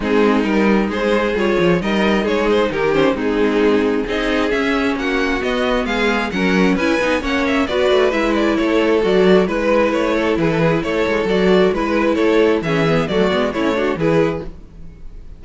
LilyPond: <<
  \new Staff \with { instrumentName = "violin" } { \time 4/4 \tempo 4 = 133 gis'4 ais'4 c''4 cis''4 | dis''4 cis''8 c''8 ais'8 c''8 gis'4~ | gis'4 dis''4 e''4 fis''4 | dis''4 f''4 fis''4 gis''4 |
fis''8 e''8 d''4 e''8 d''8 cis''4 | d''4 b'4 cis''4 b'4 | cis''4 d''4 b'4 cis''4 | e''4 d''4 cis''4 b'4 | }
  \new Staff \with { instrumentName = "violin" } { \time 4/4 dis'2 gis'2 | ais'4 gis'4 g'4 dis'4~ | dis'4 gis'2 fis'4~ | fis'4 gis'4 ais'4 b'4 |
cis''4 b'2 a'4~ | a'4 b'4. a'8 gis'16 a'16 gis'8 | a'2 b'4 a'4 | gis'4 fis'4 e'8 fis'8 gis'4 | }
  \new Staff \with { instrumentName = "viola" } { \time 4/4 c'4 dis'2 f'4 | dis'2~ dis'8 cis'8 c'4~ | c'4 dis'4 cis'2 | b2 cis'4 e'8 dis'8 |
cis'4 fis'4 e'2 | fis'4 e'2.~ | e'4 fis'4 e'2 | cis'8 b8 a8 b8 cis'8 d'8 e'4 | }
  \new Staff \with { instrumentName = "cello" } { \time 4/4 gis4 g4 gis4 g8 f8 | g4 gis4 dis4 gis4~ | gis4 c'4 cis'4 ais4 | b4 gis4 fis4 cis'8 b8 |
ais4 b8 a8 gis4 a4 | fis4 gis4 a4 e4 | a8 gis8 fis4 gis4 a4 | e4 fis8 gis8 a4 e4 | }
>>